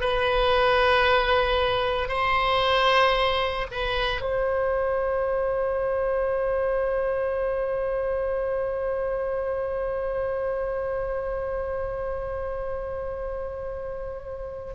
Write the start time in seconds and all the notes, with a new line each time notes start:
0.00 B4
2.08 C5
3.71 B4
4.21 C5